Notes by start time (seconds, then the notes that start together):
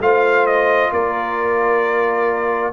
0.00 A3 F4 C5 F5
0.46 D#5
0.93 A#3 A#4 D5